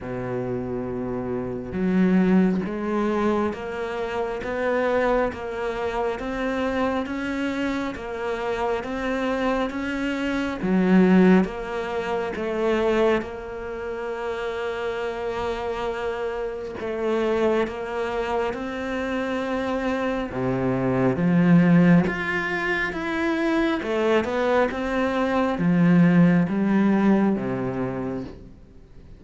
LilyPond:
\new Staff \with { instrumentName = "cello" } { \time 4/4 \tempo 4 = 68 b,2 fis4 gis4 | ais4 b4 ais4 c'4 | cis'4 ais4 c'4 cis'4 | fis4 ais4 a4 ais4~ |
ais2. a4 | ais4 c'2 c4 | f4 f'4 e'4 a8 b8 | c'4 f4 g4 c4 | }